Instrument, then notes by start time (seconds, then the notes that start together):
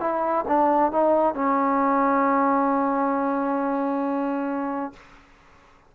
trombone
0.00 E4
0.48 D4
0.92 D#4
1.34 C#4